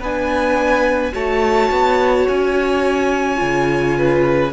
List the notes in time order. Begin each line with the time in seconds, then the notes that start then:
0.00 B3 D4 B4 G#5
1.13 A3 F#4 C#5 A5
1.71 B3
2.29 C#4 G#5
3.37 C#3 F4
3.98 B4